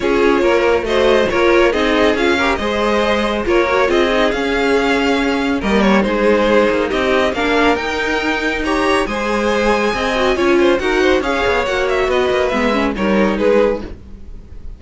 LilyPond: <<
  \new Staff \with { instrumentName = "violin" } { \time 4/4 \tempo 4 = 139 cis''2 dis''4 cis''4 | dis''4 f''4 dis''2 | cis''4 dis''4 f''2~ | f''4 dis''8 cis''8 c''2 |
dis''4 f''4 g''2 | ais''4 gis''2.~ | gis''4 fis''4 f''4 fis''8 e''8 | dis''4 e''4 cis''4 b'4 | }
  \new Staff \with { instrumentName = "violin" } { \time 4/4 gis'4 ais'4 c''4 ais'4 | gis'4. ais'8 c''2 | ais'4 gis'2.~ | gis'4 ais'4 gis'2 |
g'4 ais'2. | cis''4 c''2 dis''4 | cis''8 c''8 ais'8 c''8 cis''2 | b'2 ais'4 gis'4 | }
  \new Staff \with { instrumentName = "viola" } { \time 4/4 f'2 fis'4 f'4 | dis'4 f'8 g'8 gis'2 | f'8 fis'8 f'8 dis'8 cis'2~ | cis'4 ais4 dis'2~ |
dis'4 d'4 dis'2 | g'4 gis'2~ gis'8 fis'8 | f'4 fis'4 gis'4 fis'4~ | fis'4 b8 cis'8 dis'2 | }
  \new Staff \with { instrumentName = "cello" } { \time 4/4 cis'4 ais4 a4 ais4 | c'4 cis'4 gis2 | ais4 c'4 cis'2~ | cis'4 g4 gis4. ais8 |
c'4 ais4 dis'2~ | dis'4 gis2 c'4 | cis'4 dis'4 cis'8 b8 ais4 | b8 ais8 gis4 g4 gis4 | }
>>